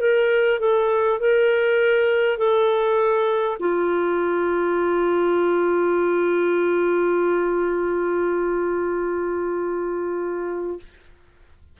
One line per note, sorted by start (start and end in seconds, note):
0.00 0.59 A#4
0.59 1.19 A4
1.19 2.38 A#4
2.38 3.58 A4
3.59 10.79 F4